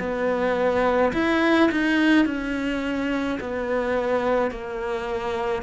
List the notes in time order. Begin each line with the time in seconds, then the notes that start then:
0.00 B3
1.14 E4
1.72 D#4
2.26 C#4
3.41 B3
4.51 A#3